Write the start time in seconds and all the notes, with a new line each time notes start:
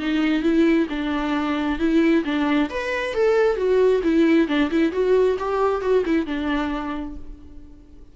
0.00 D#4
0.43 E4
0.90 D4
1.80 E4
2.25 D4
2.70 B4
3.14 A4
3.57 F#4
4.04 E4
4.48 D4
4.71 E4
4.93 F#4
5.39 G4
5.82 F#4
6.06 E4
6.26 D4